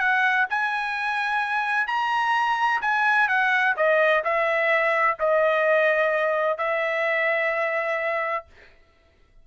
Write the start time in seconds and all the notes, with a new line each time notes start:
0.00 F#5
0.50 G#5
1.88 A#5
2.82 G#5
3.29 F#5
3.77 D#5
4.25 E5
5.20 D#5
6.58 E5